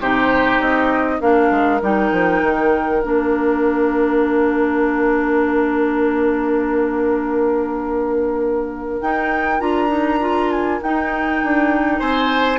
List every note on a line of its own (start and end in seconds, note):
0.00 0.60 C3
0.00 1.21 D#4
0.00 1.21 G4
0.00 0.61 C5
0.60 1.21 C4
0.60 1.21 D#5
1.21 1.51 A#3
1.21 1.81 D4
1.21 12.00 A#4
1.21 1.81 F5
1.51 1.81 G#3
1.82 2.12 G3
1.82 3.02 D#4
1.82 3.03 G5
2.12 2.42 F3
2.43 3.03 D#3
3.03 9.01 A#3
3.03 9.03 D4
3.03 9.01 F5
9.01 9.60 D#4
9.01 9.61 G5
9.60 10.80 D4
9.60 9.88 F4
9.60 10.51 A#5
9.88 10.18 D#4
10.20 10.80 F4
10.51 10.81 G#5
10.83 11.43 D#4
10.83 12.59 D#4
10.83 12.00 G5
11.44 12.01 D4
12.00 12.59 C4
12.00 12.59 C5
12.00 12.59 G#5